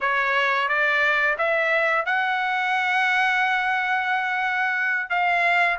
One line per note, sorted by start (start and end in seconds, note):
0.01 0.68 C#5
0.68 1.36 D5
1.38 2.05 E5
2.05 5.09 F#5
5.09 5.77 F5